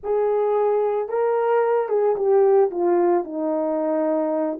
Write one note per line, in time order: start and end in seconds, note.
0.03 1.08 G#4
1.08 1.88 A#4
1.88 2.15 G#4
2.16 2.70 G4
2.70 3.24 F4
3.24 4.59 D#4